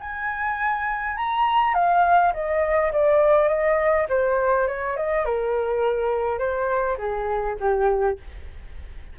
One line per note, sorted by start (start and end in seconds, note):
0.00 1.16 G#5
1.16 1.74 A#5
1.74 2.32 F5
2.33 2.92 D#5
2.92 3.48 D5
3.48 4.06 D#5
4.09 4.67 C5
4.67 4.96 C#5
4.96 5.25 D#5
5.25 6.38 A#4
6.38 6.97 C5
6.97 7.56 G#4
7.59 8.18 G4